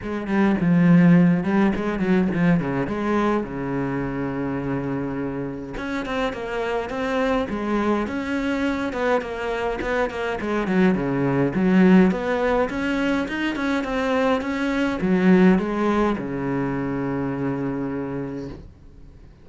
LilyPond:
\new Staff \with { instrumentName = "cello" } { \time 4/4 \tempo 4 = 104 gis8 g8 f4. g8 gis8 fis8 | f8 cis8 gis4 cis2~ | cis2 cis'8 c'8 ais4 | c'4 gis4 cis'4. b8 |
ais4 b8 ais8 gis8 fis8 cis4 | fis4 b4 cis'4 dis'8 cis'8 | c'4 cis'4 fis4 gis4 | cis1 | }